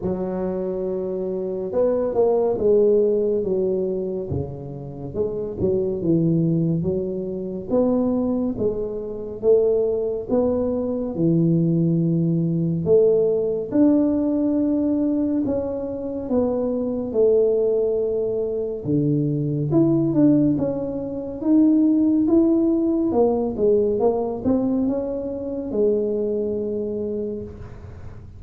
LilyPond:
\new Staff \with { instrumentName = "tuba" } { \time 4/4 \tempo 4 = 70 fis2 b8 ais8 gis4 | fis4 cis4 gis8 fis8 e4 | fis4 b4 gis4 a4 | b4 e2 a4 |
d'2 cis'4 b4 | a2 d4 e'8 d'8 | cis'4 dis'4 e'4 ais8 gis8 | ais8 c'8 cis'4 gis2 | }